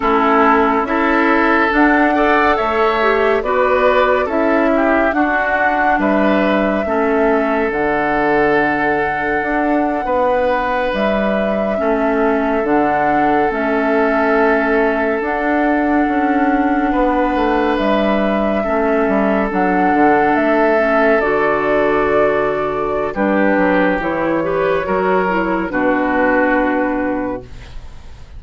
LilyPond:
<<
  \new Staff \with { instrumentName = "flute" } { \time 4/4 \tempo 4 = 70 a'4 e''4 fis''4 e''4 | d''4 e''4 fis''4 e''4~ | e''4 fis''2.~ | fis''8. e''2 fis''4 e''16~ |
e''4.~ e''16 fis''2~ fis''16~ | fis''8. e''2 fis''4 e''16~ | e''8. d''2~ d''16 b'4 | cis''2 b'2 | }
  \new Staff \with { instrumentName = "oboe" } { \time 4/4 e'4 a'4. d''8 cis''4 | b'4 a'8 g'8 fis'4 b'4 | a'2.~ a'8. b'16~ | b'4.~ b'16 a'2~ a'16~ |
a'2.~ a'8. b'16~ | b'4.~ b'16 a'2~ a'16~ | a'2. g'4~ | g'8 b'8 ais'4 fis'2 | }
  \new Staff \with { instrumentName = "clarinet" } { \time 4/4 cis'4 e'4 d'8 a'4 g'8 | fis'4 e'4 d'2 | cis'4 d'2.~ | d'4.~ d'16 cis'4 d'4 cis'16~ |
cis'4.~ cis'16 d'2~ d'16~ | d'4.~ d'16 cis'4 d'4~ d'16~ | d'16 cis'8 fis'2~ fis'16 d'4 | e'8 g'8 fis'8 e'8 d'2 | }
  \new Staff \with { instrumentName = "bassoon" } { \time 4/4 a4 cis'4 d'4 a4 | b4 cis'4 d'4 g4 | a4 d2 d'8. b16~ | b8. g4 a4 d4 a16~ |
a4.~ a16 d'4 cis'4 b16~ | b16 a8 g4 a8 g8 fis8 d8 a16~ | a8. d2~ d16 g8 fis8 | e4 fis4 b,2 | }
>>